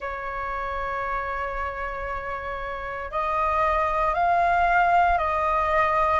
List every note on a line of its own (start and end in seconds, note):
0.00 3.11 C#5
3.11 4.14 D#5
4.14 5.17 F5
5.17 6.20 D#5